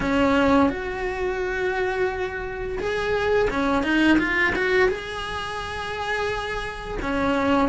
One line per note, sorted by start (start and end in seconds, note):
0.00 0.69 C#4
0.69 2.78 F#4
2.79 3.49 G#4
3.50 3.83 C#4
3.83 4.18 D#4
4.18 4.53 F4
4.55 4.88 F#4
4.88 6.98 G#4
7.01 7.68 C#4